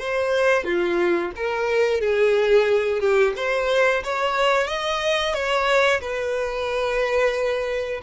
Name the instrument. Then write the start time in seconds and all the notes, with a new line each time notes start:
violin
0.00 C5
0.65 F4
1.36 A#4
2.01 G#4
3.01 G4
3.37 C5
4.04 C#5
4.68 D#5
5.34 C#5
6.01 B4